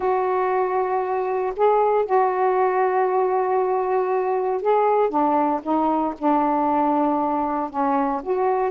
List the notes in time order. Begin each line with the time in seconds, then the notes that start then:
0.00 F#4
1.56 G#4
2.05 F#4
4.61 G#4
5.09 D4
5.62 D#4
6.18 D4
7.70 C#4
8.22 F#4